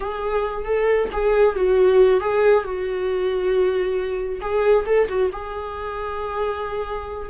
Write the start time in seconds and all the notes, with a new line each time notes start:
0.00 G#4
0.65 A4
1.12 G#4
1.55 F#4
2.20 G#4
2.64 F#4
4.41 G#4
4.85 A4
5.08 F#4
5.32 G#4